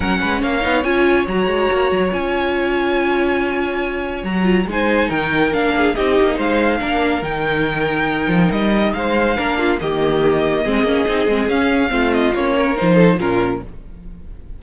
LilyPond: <<
  \new Staff \with { instrumentName = "violin" } { \time 4/4 \tempo 4 = 141 fis''4 f''4 gis''4 ais''4~ | ais''4 gis''2.~ | gis''2 ais''4 gis''4 | g''4 f''4 dis''4 f''4~ |
f''4 g''2. | dis''4 f''2 dis''4~ | dis''2. f''4~ | f''8 dis''8 cis''4 c''4 ais'4 | }
  \new Staff \with { instrumentName = "violin" } { \time 4/4 ais'8 b'8 cis''2.~ | cis''1~ | cis''2. c''4 | ais'4. gis'8 g'4 c''4 |
ais'1~ | ais'4 c''4 ais'8 f'8 g'4~ | g'4 gis'2. | f'4. ais'4 a'8 f'4 | }
  \new Staff \with { instrumentName = "viola" } { \time 4/4 cis'4. dis'8 f'4 fis'4~ | fis'4 f'2.~ | f'2 fis'8 f'8 dis'4~ | dis'4 d'4 dis'2 |
d'4 dis'2.~ | dis'2 d'4 ais4~ | ais4 c'8 cis'8 dis'8 c'8 cis'4 | c'4 cis'4 dis'4 cis'4 | }
  \new Staff \with { instrumentName = "cello" } { \time 4/4 fis8 gis8 ais8 b8 cis'4 fis8 gis8 | ais8 fis8 cis'2.~ | cis'2 fis4 gis4 | dis4 ais4 c'8 ais8 gis4 |
ais4 dis2~ dis8 f8 | g4 gis4 ais4 dis4~ | dis4 gis8 ais8 c'8 gis8 cis'4 | a4 ais4 f4 ais,4 | }
>>